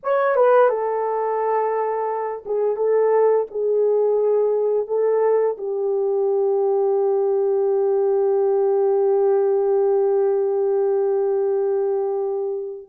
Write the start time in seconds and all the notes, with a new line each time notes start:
0.03 C#5
0.35 B4
0.69 A4
2.45 G#4
2.76 A4
3.51 G#4
4.87 A4
5.57 G4